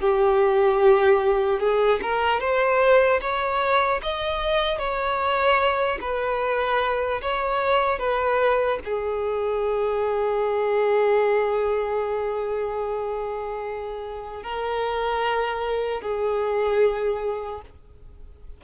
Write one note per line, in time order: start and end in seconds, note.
0.00 1.60 G4
1.60 2.00 G#4
2.03 2.40 A#4
2.40 3.20 C5
3.21 4.01 C#5
4.03 4.79 D#5
4.79 5.99 C#5
6.01 7.21 B4
7.22 7.99 C#5
7.99 8.79 B4
8.84 14.43 G#4
14.43 16.01 A#4
16.01 17.61 G#4